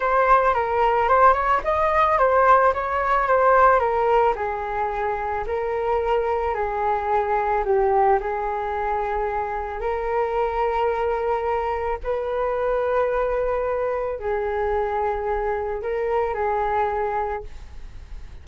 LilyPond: \new Staff \with { instrumentName = "flute" } { \time 4/4 \tempo 4 = 110 c''4 ais'4 c''8 cis''8 dis''4 | c''4 cis''4 c''4 ais'4 | gis'2 ais'2 | gis'2 g'4 gis'4~ |
gis'2 ais'2~ | ais'2 b'2~ | b'2 gis'2~ | gis'4 ais'4 gis'2 | }